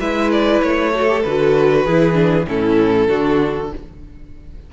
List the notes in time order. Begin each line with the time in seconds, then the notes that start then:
0.00 G#3 E4 B4 E5
0.32 D5
0.62 A3 C#5
0.94 F#4 A4
1.08 G4
1.23 D3 F#4 B4
1.85 E3 E4 G#4
2.13 D4
2.47 A2 C#4 E4 A4
3.08 D3 D4 F#4